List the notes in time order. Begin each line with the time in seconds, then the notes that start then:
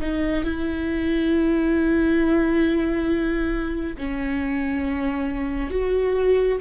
0.00 D#4
0.44 E4
3.97 C#4
5.70 F#4